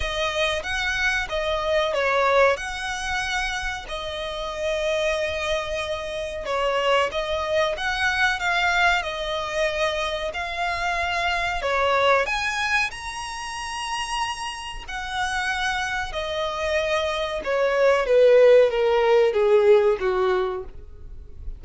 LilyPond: \new Staff \with { instrumentName = "violin" } { \time 4/4 \tempo 4 = 93 dis''4 fis''4 dis''4 cis''4 | fis''2 dis''2~ | dis''2 cis''4 dis''4 | fis''4 f''4 dis''2 |
f''2 cis''4 gis''4 | ais''2. fis''4~ | fis''4 dis''2 cis''4 | b'4 ais'4 gis'4 fis'4 | }